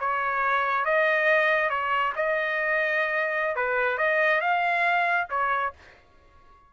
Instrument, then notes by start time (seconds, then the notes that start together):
trumpet
0.00 C#5
0.85 D#5
1.70 C#5
2.16 D#5
3.56 B4
3.98 D#5
4.41 F5
5.30 C#5